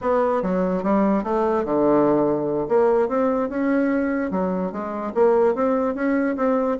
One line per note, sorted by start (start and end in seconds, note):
0.01 0.42 B3
0.42 0.83 F#3
0.83 1.23 G3
1.23 1.64 A3
1.64 2.67 D3
2.68 3.08 A#3
3.08 3.49 C4
3.49 4.31 C#4
4.31 4.71 F#3
4.71 5.13 G#3
5.14 5.54 A#3
5.54 5.95 C4
5.95 6.36 C#4
6.36 6.77 C4